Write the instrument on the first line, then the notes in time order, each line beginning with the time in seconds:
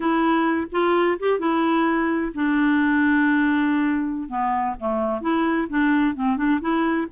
clarinet
0.00 E4
0.71 F4
1.19 G4
1.39 E4
2.34 D4
4.29 B3
4.79 A3
5.21 E4
5.69 D4
6.15 C4
6.36 D4
6.60 E4